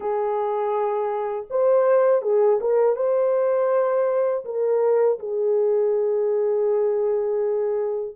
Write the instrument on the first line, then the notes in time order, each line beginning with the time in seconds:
horn
0.00 G#4
1.49 C5
2.22 G#4
2.60 A#4
2.96 C5
4.44 A#4
5.19 G#4